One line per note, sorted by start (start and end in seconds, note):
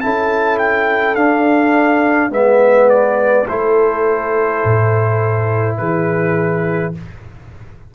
0.00 1.16 C#4
0.00 1.16 E4
0.00 2.33 A4
0.00 0.58 A5
0.58 1.15 G5
1.15 2.30 D4
1.15 2.30 F5
2.30 3.45 G#3
2.30 3.45 B3
2.30 3.47 B4
2.30 2.89 E5
2.89 3.47 D5
3.47 4.63 A3
3.47 6.94 E4
3.47 5.77 A4
3.47 5.77 C5
4.64 5.79 A2
5.77 6.94 E3
5.77 6.94 G#4
5.77 6.92 B4